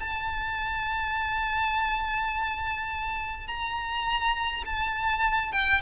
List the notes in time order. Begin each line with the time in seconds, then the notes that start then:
0.00 A5
3.47 A#5
4.65 A5
5.52 G5